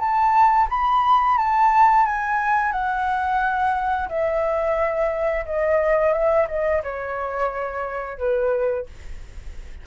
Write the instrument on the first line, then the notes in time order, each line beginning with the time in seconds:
flute
0.00 A5
0.70 B5
1.38 A5
2.07 G#5
2.73 F#5
4.09 E5
5.46 D#5
6.13 E5
6.49 D#5
6.84 C#5
8.18 B4